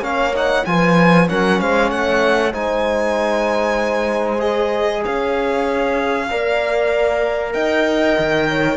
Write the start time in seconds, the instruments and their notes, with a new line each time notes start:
0.00 cello A#3, trombone C#4, horn C#5, violin F5
0.34 trombone D#4, violin F#5
0.65 cello F3, trombone F4, horn B4, violin G#5
1.27 cello F#3, trombone C#4, horn A#4, violin F#5
1.60 cello G#3, horn C5, violin F5
1.89 cello A3, horn C#5, violin F#5
2.52 cello G#3, trombone D#4, horn C5, violin G#5
4.39 trombone G#4, violin D#5
5.04 cello C#4, horn C#5, violin F5
6.30 cello A#3, trombone A#4, horn D5
7.53 cello D#4, horn D#5, violin G5
8.18 cello D#3
8.48 horn C#5